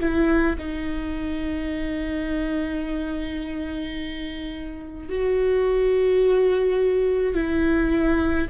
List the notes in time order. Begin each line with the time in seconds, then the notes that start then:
0.00 E4
0.59 D#4
5.09 F#4
7.35 E4